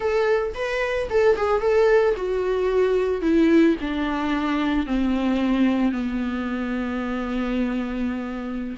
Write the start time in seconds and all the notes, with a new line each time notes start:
0.00 A4
0.54 B4
1.10 A4
1.36 G#4
1.60 A4
2.16 F#4
3.21 E4
3.80 D4
4.86 C4
5.92 B3